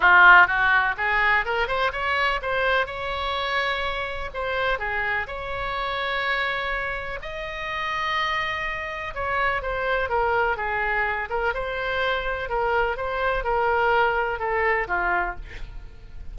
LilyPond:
\new Staff \with { instrumentName = "oboe" } { \time 4/4 \tempo 4 = 125 f'4 fis'4 gis'4 ais'8 c''8 | cis''4 c''4 cis''2~ | cis''4 c''4 gis'4 cis''4~ | cis''2. dis''4~ |
dis''2. cis''4 | c''4 ais'4 gis'4. ais'8 | c''2 ais'4 c''4 | ais'2 a'4 f'4 | }